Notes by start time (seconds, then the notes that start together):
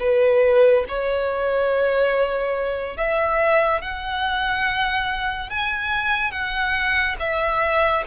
0.00 B4
0.88 C#5
2.97 E5
3.81 F#5
5.50 G#5
6.31 F#5
7.19 E5